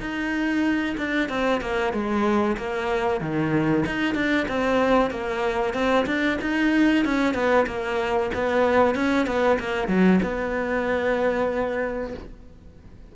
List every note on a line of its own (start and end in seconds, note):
0.00 0.96 D#4
0.97 1.29 D4
1.29 1.61 C4
1.61 1.93 A#3
1.93 2.56 G#3
2.57 3.21 A#3
3.21 3.84 D#3
3.86 4.15 D#4
4.15 4.47 D4
4.48 5.11 C4
5.11 5.74 A#3
5.74 6.06 C4
6.06 6.38 D4
6.41 7.05 D#4
7.05 7.34 C#4
7.34 7.66 B3
7.67 8.31 A#3
8.34 8.95 B3
8.95 9.26 C#4
9.26 9.58 B3
9.59 9.88 A#3
9.88 10.20 F#3
10.23 12.14 B3